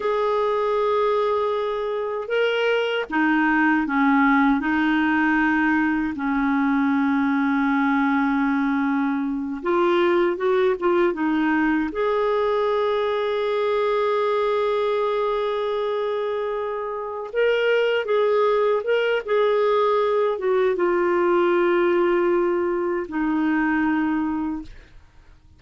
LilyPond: \new Staff \with { instrumentName = "clarinet" } { \time 4/4 \tempo 4 = 78 gis'2. ais'4 | dis'4 cis'4 dis'2 | cis'1~ | cis'8 f'4 fis'8 f'8 dis'4 gis'8~ |
gis'1~ | gis'2~ gis'8 ais'4 gis'8~ | gis'8 ais'8 gis'4. fis'8 f'4~ | f'2 dis'2 | }